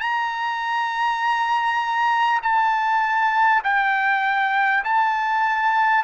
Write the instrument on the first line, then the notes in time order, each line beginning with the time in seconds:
trumpet
0.00 A#5
2.42 A5
3.63 G5
4.84 A5